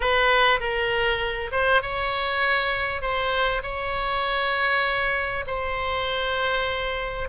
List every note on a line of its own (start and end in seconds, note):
0.00 0.60 B4
0.60 1.50 A#4
1.51 1.82 C5
1.82 3.01 C#5
3.01 3.62 C5
3.63 5.44 C#5
5.46 7.28 C5